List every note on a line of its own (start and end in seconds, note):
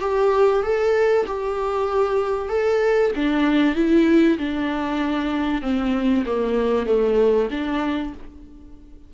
0.00 0.62 G4
0.63 1.25 A4
1.26 2.49 G4
2.49 3.11 A4
3.15 3.75 D4
3.75 4.37 E4
4.38 5.62 D4
5.62 6.24 C4
6.26 6.86 A#3
6.86 7.48 A3
7.51 8.13 D4